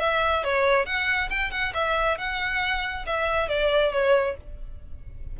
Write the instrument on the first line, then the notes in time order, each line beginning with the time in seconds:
violin
0.00 E5
0.44 C#5
0.86 F#5
1.30 G5
1.51 F#5
1.74 E5
2.18 F#5
3.06 E5
3.49 D5
3.93 C#5